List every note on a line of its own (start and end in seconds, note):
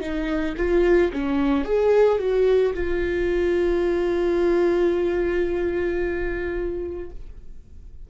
0.00 0.55 D#4
0.57 1.12 F4
1.13 1.65 C#4
1.65 2.19 G#4
2.19 2.73 F#4
2.74 7.10 F4